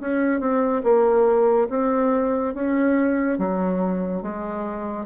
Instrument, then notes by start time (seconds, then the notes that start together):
bassoon
0.00 C#4
0.40 C4
0.83 A#3
1.69 C4
2.54 C#4
3.38 F#3
4.22 G#3